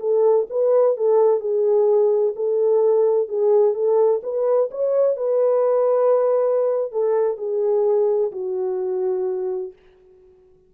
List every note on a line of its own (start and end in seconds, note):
0.00 0.47 A4
0.50 0.97 B4
0.97 1.40 A4
1.40 2.34 G#4
2.36 3.29 A4
3.29 3.75 G#4
3.75 4.21 A4
4.23 4.70 B4
4.71 5.17 C#5
5.17 6.92 B4
6.92 7.38 A4
7.38 8.32 G#4
8.32 9.73 F#4